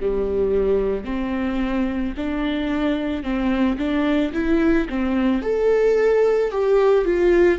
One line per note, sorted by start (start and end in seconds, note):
0.00 1.05 G3
1.05 2.14 C4
2.17 3.23 D4
3.23 3.77 C4
3.78 4.32 D4
4.33 4.87 E4
4.89 5.42 C4
5.42 6.51 A4
6.51 7.05 G4
7.05 7.59 F4